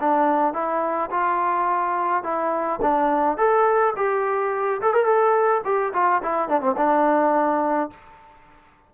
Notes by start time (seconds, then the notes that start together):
0.00 D4
0.53 E4
1.10 F4
2.23 E4
2.81 D4
3.37 A4
3.96 G4
4.81 A4
4.93 A#4
5.05 A4
5.64 G4
5.93 F4
6.22 E4
6.48 D4
6.61 C4
6.77 D4